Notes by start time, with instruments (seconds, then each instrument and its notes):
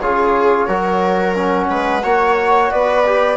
0.00 bassoon C#3, trombone F4, viola G#4, flute C#5
0.66 bassoon F#3, trombone F#4, viola A#4
1.35 trombone C#4, flute F#5
1.69 bassoon G#3, viola B4
2.03 bassoon A#3, trombone F#4, viola C#5
2.70 bassoon B3, viola B4, flute D5
3.06 trombone G4